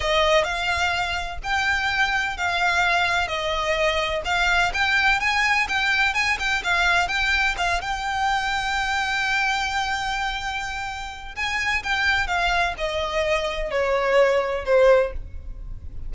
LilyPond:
\new Staff \with { instrumentName = "violin" } { \time 4/4 \tempo 4 = 127 dis''4 f''2 g''4~ | g''4 f''2 dis''4~ | dis''4 f''4 g''4 gis''4 | g''4 gis''8 g''8 f''4 g''4 |
f''8 g''2.~ g''8~ | g''1 | gis''4 g''4 f''4 dis''4~ | dis''4 cis''2 c''4 | }